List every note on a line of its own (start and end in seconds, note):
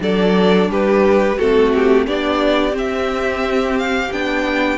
0.00 0.69 F#3
0.00 1.36 D4
0.00 0.70 A4
0.00 0.71 D5
0.69 1.37 G3
0.69 1.37 G4
0.69 1.39 B4
1.37 2.07 A3
1.37 2.08 C4
1.37 2.05 F#4
1.37 1.73 A4
1.75 2.07 G4
2.07 2.73 B3
2.07 2.71 D4
2.07 4.78 G4
2.07 2.75 D5
2.71 4.08 C4
2.71 4.10 C4
2.78 3.78 E5
3.78 4.12 F5
4.12 4.78 B3
4.12 4.78 D4
4.12 4.78 G5